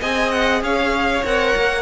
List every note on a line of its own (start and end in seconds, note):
0.00 0.61 C4
0.00 1.23 G#4
0.00 0.61 D#5
0.00 0.31 G#5
0.31 0.62 F#5
0.61 1.23 C#4
0.61 1.82 C#5
0.61 1.25 F5
1.24 1.55 C4
1.24 1.82 A#4
1.24 1.82 F#5
1.56 1.82 A#3